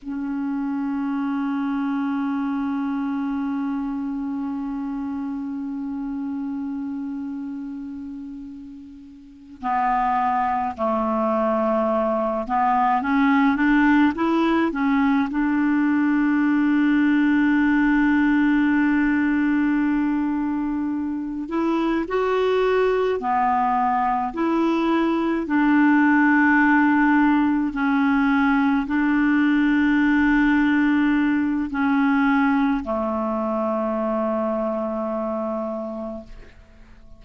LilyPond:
\new Staff \with { instrumentName = "clarinet" } { \time 4/4 \tempo 4 = 53 cis'1~ | cis'1~ | cis'8 b4 a4. b8 cis'8 | d'8 e'8 cis'8 d'2~ d'8~ |
d'2. e'8 fis'8~ | fis'8 b4 e'4 d'4.~ | d'8 cis'4 d'2~ d'8 | cis'4 a2. | }